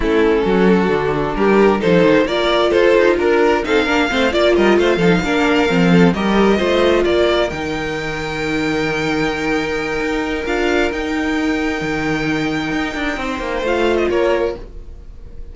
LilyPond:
<<
  \new Staff \with { instrumentName = "violin" } { \time 4/4 \tempo 4 = 132 a'2. ais'4 | c''4 d''4 c''4 ais'4 | f''4. d''8 dis''8 f''4.~ | f''4. dis''2 d''8~ |
d''8 g''2.~ g''8~ | g''2. f''4 | g''1~ | g''2 f''8. dis''16 cis''4 | }
  \new Staff \with { instrumentName = "violin" } { \time 4/4 e'4 fis'2 g'4 | a'4 ais'4 a'4 ais'4 | a'8 ais'8 c''8 d''8 ais'8 c''8 a'8 ais'8~ | ais'4 a'8 ais'4 c''4 ais'8~ |
ais'1~ | ais'1~ | ais'1~ | ais'4 c''2 ais'4 | }
  \new Staff \with { instrumentName = "viola" } { \time 4/4 cis'2 d'2 | dis'4 f'2. | dis'8 d'8 c'8 f'4. dis'8 d'8~ | d'8 c'4 g'4 f'4.~ |
f'8 dis'2.~ dis'8~ | dis'2. f'4 | dis'1~ | dis'2 f'2 | }
  \new Staff \with { instrumentName = "cello" } { \time 4/4 a4 fis4 d4 g4 | f8 dis8 ais4 f'8 dis'8 d'4 | c'8 ais8 a8 ais8 g8 a8 f8 ais8~ | ais8 f4 g4 a4 ais8~ |
ais8 dis2.~ dis8~ | dis2 dis'4 d'4 | dis'2 dis2 | dis'8 d'8 c'8 ais8 a4 ais4 | }
>>